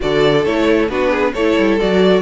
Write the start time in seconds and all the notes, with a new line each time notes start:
0.00 D3 F#4 A4 D5
0.44 A3 E4 C#5
0.88 B3 D4 F#4 B4
1.10 G#4
1.33 A3 E4 A4 C#5
1.57 G3
1.79 F#3 F#4 D5